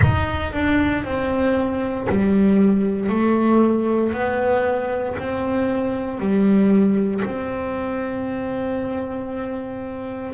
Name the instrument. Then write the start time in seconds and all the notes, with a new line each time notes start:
double bass
0.01 D#4
0.53 D4
1.04 C4
2.09 G3
3.09 A3
4.12 B3
5.19 C4
6.19 G3
7.25 C4